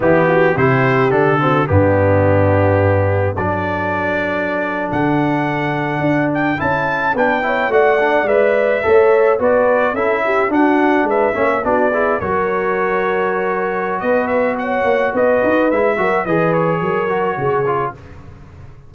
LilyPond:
<<
  \new Staff \with { instrumentName = "trumpet" } { \time 4/4 \tempo 4 = 107 g'4 c''4 a'4 g'4~ | g'2 d''2~ | d''8. fis''2~ fis''8 g''8 a''16~ | a''8. g''4 fis''4 e''4~ e''16~ |
e''8. d''4 e''4 fis''4 e''16~ | e''8. d''4 cis''2~ cis''16~ | cis''4 dis''8 e''8 fis''4 dis''4 | e''4 dis''8 cis''2~ cis''8 | }
  \new Staff \with { instrumentName = "horn" } { \time 4/4 e'8 fis'8 g'4. fis'8 d'4~ | d'2 a'2~ | a'1~ | a'8. b'8 cis''8 d''2 cis''16~ |
cis''8. b'4 a'8 g'8 fis'4 b'16~ | b'16 cis''8 fis'8 gis'8 ais'2~ ais'16~ | ais'4 b'4 cis''4 b'4~ | b'8 ais'8 b'4 ais'4 gis'4 | }
  \new Staff \with { instrumentName = "trombone" } { \time 4/4 b4 e'4 d'8 c'8 b4~ | b2 d'2~ | d'2.~ d'8. e'16~ | e'8. d'8 e'8 fis'8 d'8 b'4 a'16~ |
a'8. fis'4 e'4 d'4~ d'16~ | d'16 cis'8 d'8 e'8 fis'2~ fis'16~ | fis'1 | e'8 fis'8 gis'4. fis'4 f'8 | }
  \new Staff \with { instrumentName = "tuba" } { \time 4/4 e4 c4 d4 g,4~ | g,2 fis2~ | fis8. d2 d'4 cis'16~ | cis'8. b4 a4 gis4 a16~ |
a8. b4 cis'4 d'4 gis16~ | gis16 ais8 b4 fis2~ fis16~ | fis4 b4. ais8 b8 dis'8 | gis8 fis8 e4 fis4 cis4 | }
>>